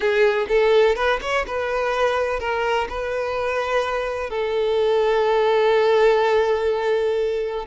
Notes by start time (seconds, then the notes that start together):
0.00 G#4
0.48 A4
0.95 B4
1.21 C#5
1.47 B4
2.39 A#4
2.89 B4
4.30 A4